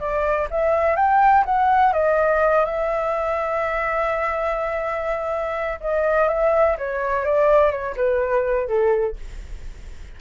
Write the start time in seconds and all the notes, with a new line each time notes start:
0.00 D5
0.51 E5
0.97 G5
1.45 F#5
1.93 D#5
2.66 E5
5.81 D#5
6.29 E5
6.78 C#5
7.26 D5
7.71 C#5
7.97 B4
8.68 A4